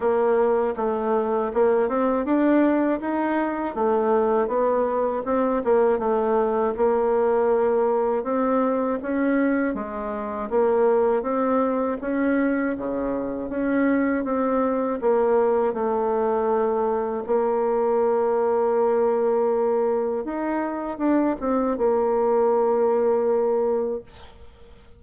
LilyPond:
\new Staff \with { instrumentName = "bassoon" } { \time 4/4 \tempo 4 = 80 ais4 a4 ais8 c'8 d'4 | dis'4 a4 b4 c'8 ais8 | a4 ais2 c'4 | cis'4 gis4 ais4 c'4 |
cis'4 cis4 cis'4 c'4 | ais4 a2 ais4~ | ais2. dis'4 | d'8 c'8 ais2. | }